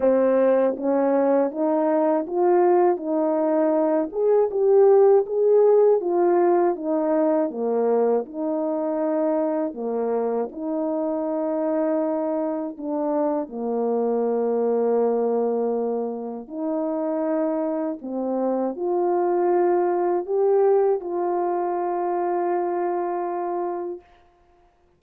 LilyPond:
\new Staff \with { instrumentName = "horn" } { \time 4/4 \tempo 4 = 80 c'4 cis'4 dis'4 f'4 | dis'4. gis'8 g'4 gis'4 | f'4 dis'4 ais4 dis'4~ | dis'4 ais4 dis'2~ |
dis'4 d'4 ais2~ | ais2 dis'2 | c'4 f'2 g'4 | f'1 | }